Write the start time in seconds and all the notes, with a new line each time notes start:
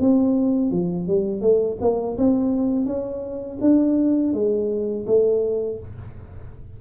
0.00 C4
0.71 F3
1.07 G3
1.41 A3
1.81 A#3
2.18 C4
2.86 C#4
3.61 D4
4.33 G#3
5.06 A3